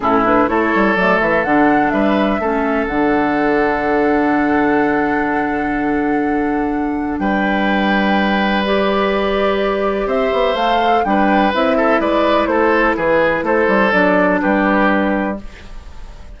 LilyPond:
<<
  \new Staff \with { instrumentName = "flute" } { \time 4/4 \tempo 4 = 125 a'8 b'8 cis''4 d''8 e''8 fis''4 | e''2 fis''2~ | fis''1~ | fis''2. g''4~ |
g''2 d''2~ | d''4 e''4 f''4 g''4 | e''4 d''4 c''4 b'4 | c''4 d''4 b'2 | }
  \new Staff \with { instrumentName = "oboe" } { \time 4/4 e'4 a'2. | b'4 a'2.~ | a'1~ | a'2. b'4~ |
b'1~ | b'4 c''2 b'4~ | b'8 a'8 b'4 a'4 gis'4 | a'2 g'2 | }
  \new Staff \with { instrumentName = "clarinet" } { \time 4/4 cis'8 d'8 e'4 a4 d'4~ | d'4 cis'4 d'2~ | d'1~ | d'1~ |
d'2 g'2~ | g'2 a'4 d'4 | e'1~ | e'4 d'2. | }
  \new Staff \with { instrumentName = "bassoon" } { \time 4/4 a,4 a8 g8 fis8 e8 d4 | g4 a4 d2~ | d1~ | d2. g4~ |
g1~ | g4 c'8 b8 a4 g4 | c'4 gis4 a4 e4 | a8 g8 fis4 g2 | }
>>